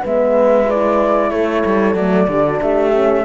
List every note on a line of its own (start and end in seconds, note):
0.00 1.31 G#3
0.00 0.69 B3
0.00 1.29 B4
0.00 0.70 E5
0.70 1.96 E4
0.70 1.30 D5
1.30 1.63 A3
1.30 2.28 A4
1.30 1.95 C#5
1.65 1.95 G3
1.95 2.27 F#3
1.95 2.29 A3
1.95 2.60 D5
2.28 2.60 D3
2.28 2.93 D4
2.28 2.45 G4
2.47 2.61 F#4
2.61 3.25 A3
2.61 3.25 G4
2.61 3.25 E5
2.93 3.25 C#4